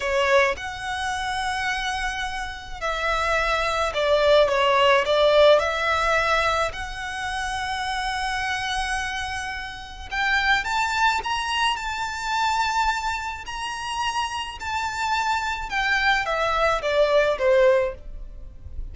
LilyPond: \new Staff \with { instrumentName = "violin" } { \time 4/4 \tempo 4 = 107 cis''4 fis''2.~ | fis''4 e''2 d''4 | cis''4 d''4 e''2 | fis''1~ |
fis''2 g''4 a''4 | ais''4 a''2. | ais''2 a''2 | g''4 e''4 d''4 c''4 | }